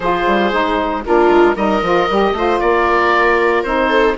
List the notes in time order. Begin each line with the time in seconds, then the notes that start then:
0.00 F3 F4 G#4 C5
0.26 G3
0.51 G#3 D#4
1.05 A#3 D4 F4 A#4
1.29 G#3
1.56 G3 D#4 A#4 D#5
1.81 F3 F4
2.09 G3 G4
2.32 A3 F4 C5
2.60 A#3 A#4 D5
3.63 C4 D#4 C5
3.89 A4